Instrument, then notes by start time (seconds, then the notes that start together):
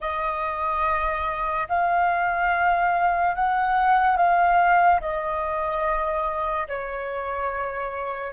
flute
0.00 D#5
1.69 F5
3.35 F#5
4.17 F5
5.00 D#5
6.67 C#5